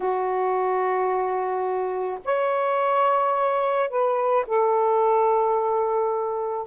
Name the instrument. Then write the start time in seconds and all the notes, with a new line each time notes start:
saxophone
0.00 F#4
2.25 C#5
3.89 B4
4.46 A4